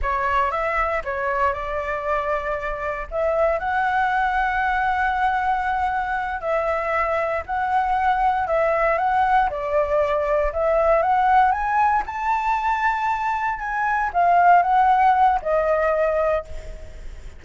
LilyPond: \new Staff \with { instrumentName = "flute" } { \time 4/4 \tempo 4 = 117 cis''4 e''4 cis''4 d''4~ | d''2 e''4 fis''4~ | fis''1~ | fis''8 e''2 fis''4.~ |
fis''8 e''4 fis''4 d''4.~ | d''8 e''4 fis''4 gis''4 a''8~ | a''2~ a''8 gis''4 f''8~ | f''8 fis''4. dis''2 | }